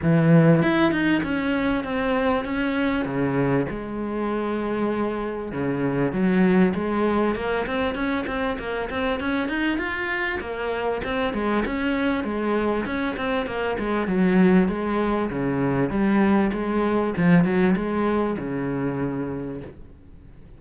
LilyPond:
\new Staff \with { instrumentName = "cello" } { \time 4/4 \tempo 4 = 98 e4 e'8 dis'8 cis'4 c'4 | cis'4 cis4 gis2~ | gis4 cis4 fis4 gis4 | ais8 c'8 cis'8 c'8 ais8 c'8 cis'8 dis'8 |
f'4 ais4 c'8 gis8 cis'4 | gis4 cis'8 c'8 ais8 gis8 fis4 | gis4 cis4 g4 gis4 | f8 fis8 gis4 cis2 | }